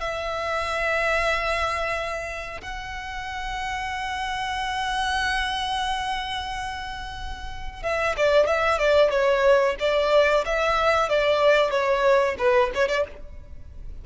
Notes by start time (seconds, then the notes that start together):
0.00 E5
2.61 F#5
7.82 E5
8.17 D5
8.46 E5
8.78 D5
9.10 C#5
9.79 D5
10.45 E5
11.09 D5
11.70 C#5
12.38 B4
12.74 C#5
12.88 D5